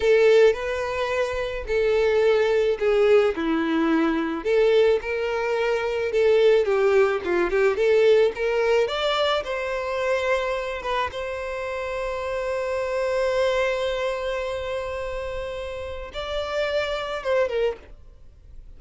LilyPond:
\new Staff \with { instrumentName = "violin" } { \time 4/4 \tempo 4 = 108 a'4 b'2 a'4~ | a'4 gis'4 e'2 | a'4 ais'2 a'4 | g'4 f'8 g'8 a'4 ais'4 |
d''4 c''2~ c''8 b'8 | c''1~ | c''1~ | c''4 d''2 c''8 ais'8 | }